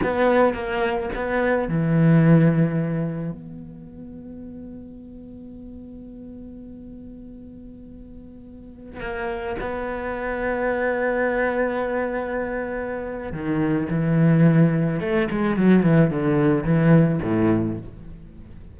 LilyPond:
\new Staff \with { instrumentName = "cello" } { \time 4/4 \tempo 4 = 108 b4 ais4 b4 e4~ | e2 b2~ | b1~ | b1~ |
b16 ais4 b2~ b8.~ | b1 | dis4 e2 a8 gis8 | fis8 e8 d4 e4 a,4 | }